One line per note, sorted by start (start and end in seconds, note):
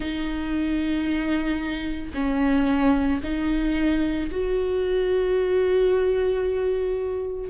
0.00 2.11 D#4
2.14 3.21 C#4
3.23 4.30 D#4
4.31 7.49 F#4